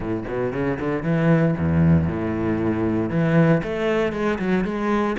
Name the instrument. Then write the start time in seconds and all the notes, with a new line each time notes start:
cello
0.00 A2
0.28 B2
0.52 C#3
0.79 D3
1.03 E3
1.58 E2
2.08 A2
3.10 E3
3.63 A3
4.12 G#3
4.38 F#3
4.64 G#3